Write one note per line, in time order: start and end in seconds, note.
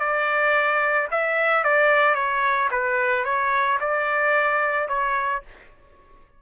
0.00 1.08 D5
1.11 1.64 E5
1.64 2.15 D5
2.15 2.69 C#5
2.71 3.25 B4
3.25 3.79 C#5
3.81 4.88 D5
4.88 5.43 C#5